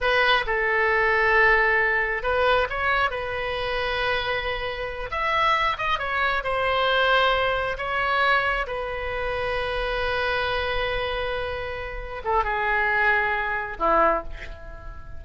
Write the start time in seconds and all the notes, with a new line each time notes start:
0.00 B4
0.46 A4
2.23 B4
2.69 C#5
3.10 B4
5.10 E5
5.77 D#5
5.98 C#5
6.43 C5
7.77 C#5
8.66 B4
12.24 A4
12.43 G#4
13.79 E4